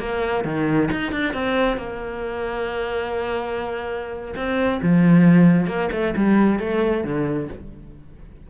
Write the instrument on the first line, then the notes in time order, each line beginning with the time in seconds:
cello
0.00 A#3
0.45 D#3
0.92 D#4
1.12 D4
1.34 C4
1.77 A#3
4.36 C4
4.83 F3
5.67 A#3
5.92 A3
6.16 G3
6.59 A3
7.04 D3